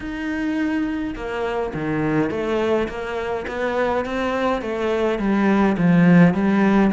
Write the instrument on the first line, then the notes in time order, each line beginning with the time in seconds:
cello
0.00 D#4
1.15 A#3
1.74 D#3
2.30 A3
2.88 A#3
3.47 B3
4.05 C4
4.61 A3
5.18 G3
5.77 F3
6.34 G3